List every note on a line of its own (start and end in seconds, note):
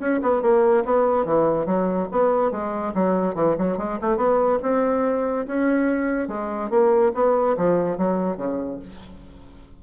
0.00 0.21 C#4
0.23 0.43 B3
0.43 0.84 A#3
0.85 1.25 B3
1.25 1.66 E3
1.66 2.08 F#3
2.12 2.52 B3
2.52 2.94 G#3
2.95 3.35 F#3
3.35 3.56 E3
3.58 3.78 F#3
3.78 3.99 G#3
4.02 4.17 A3
4.17 4.59 B3
4.63 5.47 C4
5.47 6.29 C#4
6.29 6.71 G#3
6.71 7.13 A#3
7.15 7.57 B3
7.58 7.98 F3
7.98 8.37 F#3
8.37 8.79 C#3